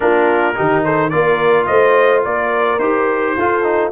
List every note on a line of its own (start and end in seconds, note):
0.00 0.57 A#3
0.00 0.54 D4
0.00 0.55 F4
0.00 0.84 A#4
0.54 1.12 D#3
0.54 1.10 D#4
0.54 0.83 G4
0.84 1.12 A4
0.84 1.09 C5
1.09 1.68 A#3
1.09 2.79 F4
1.09 1.67 A#4
1.09 1.65 D5
1.65 2.25 A3
1.65 2.23 C5
1.65 2.21 D#5
2.24 2.79 A#3
2.24 3.36 A#4
2.24 2.79 D5
2.79 3.35 D#4
2.79 3.37 G4
2.79 3.91 C5
3.37 3.92 F4
3.37 3.63 F4
3.37 3.92 A4
3.63 3.91 D#4